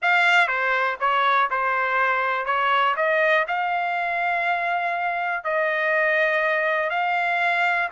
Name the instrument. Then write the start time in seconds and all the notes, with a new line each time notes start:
trumpet
0.01 F5
0.47 C5
1.00 C#5
1.50 C5
2.45 C#5
2.96 D#5
3.47 F5
5.44 D#5
6.89 F5